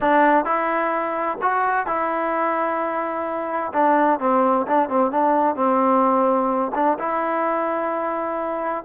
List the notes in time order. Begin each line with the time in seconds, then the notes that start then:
0.00 D4
0.44 E4
1.41 F#4
1.86 E4
3.73 D4
4.19 C4
4.67 D4
4.89 C4
5.11 D4
5.55 C4
6.74 D4
6.98 E4